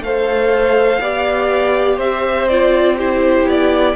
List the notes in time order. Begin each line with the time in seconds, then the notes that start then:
0.00 A3 A4 C5 F5
1.00 B3 G4 D5
1.97 C4 C5 E5
2.48 F4 D5
2.97 E4 G4 C5
3.45 B3 D5